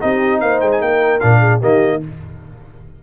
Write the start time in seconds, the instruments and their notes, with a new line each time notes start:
0.00 tuba C4, trombone D#4, horn G4, trumpet D#5
0.40 tuba A#3, horn C5, trumpet F5
0.60 tuba G#3, trumpet G5
0.71 trumpet G#5
0.80 tuba A#3, horn A#4, trumpet G5
1.20 tuba A#2, trombone D4, trumpet F5
1.39 horn G#4
1.59 tuba D#3, trombone A#3, horn G4, trumpet D#5